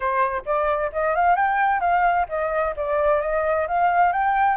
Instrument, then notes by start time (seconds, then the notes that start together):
flute
0.00 C5
0.45 D5
0.92 D#5
1.15 F5
1.36 G5
1.80 F5
2.29 D#5
2.76 D5
3.21 D#5
3.67 F5
4.12 G5